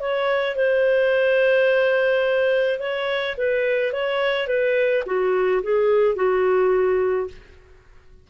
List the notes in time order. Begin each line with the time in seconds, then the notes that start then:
0.00 C#5
0.56 C5
2.79 C#5
3.37 B4
3.92 C#5
4.47 B4
5.06 F#4
5.63 G#4
6.15 F#4